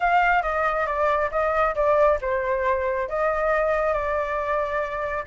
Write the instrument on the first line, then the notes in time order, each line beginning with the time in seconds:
flute
0.00 F5
0.42 D#5
0.86 D5
1.31 D#5
1.75 D5
2.21 C5
3.08 D#5
3.93 D5